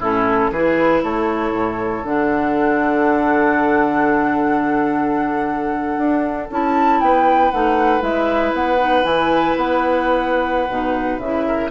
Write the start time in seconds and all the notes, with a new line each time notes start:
0.00 A2 C#4 E4 A4
0.52 E3 E4 G#4 B4
1.03 A3 A4 C#5
1.52 A2
2.03 D3 D4 F#5
5.98 D4
6.51 C#4 E4 A5
7.00 B3 B4 G5
7.51 A3 D#4 F#5
8.01 G#3 E4 E5
8.53 B3 F#5
8.79 D#4
9.03 E3 E4 G#5
9.56 B3 F#5
10.70 B2 D#4
11.18 C#3 E4 E5
11.47 A#4